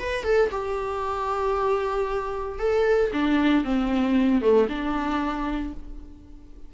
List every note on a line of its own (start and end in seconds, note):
0.00 0.24 B4
0.24 0.51 A4
0.51 2.59 G4
2.59 3.12 A4
3.14 3.65 D4
3.65 4.42 C4
4.42 4.68 A3
4.69 5.74 D4